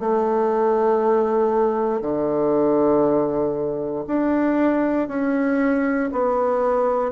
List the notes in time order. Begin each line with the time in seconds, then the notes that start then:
0.00 A3
2.02 D3
4.07 D4
5.08 C#4
6.12 B3